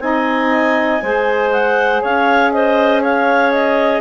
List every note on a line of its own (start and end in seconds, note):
0.00 1.00 C4
0.00 1.01 D#4
0.00 1.03 D#5
0.00 1.51 G#5
1.03 2.03 G#3
1.03 4.01 G#4
1.03 2.03 C5
1.52 2.02 F#5
2.03 4.01 C#4
2.03 2.53 C#5
2.03 2.52 F5
2.52 3.02 C5
2.52 3.02 D#5
3.02 4.01 C#5
3.02 3.52 F5
3.52 4.01 D#5